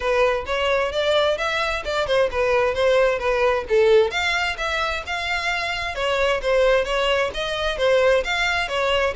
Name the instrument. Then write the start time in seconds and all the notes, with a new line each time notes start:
violin
0.00 B4
0.46 C#5
0.92 D5
1.37 E5
1.84 D5
2.07 C5
2.31 B4
2.74 C5
3.19 B4
3.68 A4
4.10 F5
4.57 E5
5.06 F5
5.95 C#5
6.42 C5
6.85 C#5
7.34 D#5
7.77 C5
8.24 F5
8.68 C#5